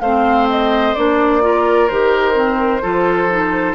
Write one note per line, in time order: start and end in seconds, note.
0.00 0.94 A3
0.00 0.96 C4
0.00 1.42 C5
0.00 0.47 F5
0.50 0.95 D#5
0.95 1.90 A#3
0.95 1.41 D4
0.95 1.88 D5
1.41 1.88 F4
1.41 2.82 A#4
1.88 2.83 D#3
1.88 2.34 G4
1.88 3.75 C5
2.34 2.81 C4
2.82 3.75 F3
2.82 3.29 F4
2.82 3.75 A4
3.29 3.75 D#4